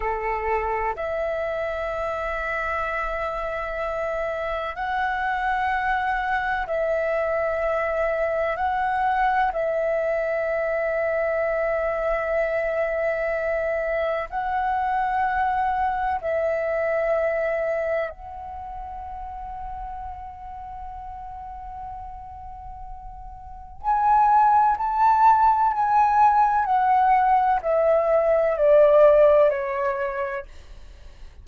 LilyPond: \new Staff \with { instrumentName = "flute" } { \time 4/4 \tempo 4 = 63 a'4 e''2.~ | e''4 fis''2 e''4~ | e''4 fis''4 e''2~ | e''2. fis''4~ |
fis''4 e''2 fis''4~ | fis''1~ | fis''4 gis''4 a''4 gis''4 | fis''4 e''4 d''4 cis''4 | }